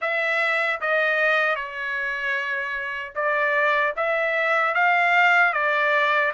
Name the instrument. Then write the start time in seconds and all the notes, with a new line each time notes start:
trumpet
0.01 E5
0.81 D#5
1.55 C#5
3.15 D5
3.96 E5
4.74 F5
5.53 D5